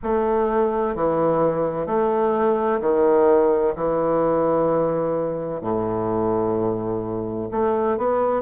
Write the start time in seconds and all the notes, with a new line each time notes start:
0.03 A3
0.95 E3
1.86 A3
2.80 D#3
3.75 E3
5.61 A2
7.51 A3
7.97 B3